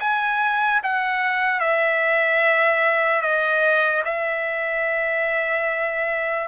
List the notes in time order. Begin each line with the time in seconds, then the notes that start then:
0.00 G#5
0.83 F#5
1.60 E5
3.22 D#5
4.05 E5